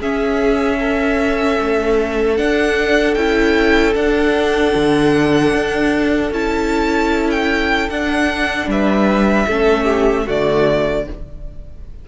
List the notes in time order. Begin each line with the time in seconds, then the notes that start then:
0.00 C#4 G#4 E5
0.79 A4
1.61 A3
2.37 D4 F#5
3.15 C#4 E4 G5
3.95 D4 F#5
4.75 D3
5.53 D4
6.31 C#4 E4 A5
7.31 G5
7.90 D4 F#5
8.67 G3 B4 E5
9.47 A3 C#4 A4
9.84 G4
10.26 D3 A3 F#4 D5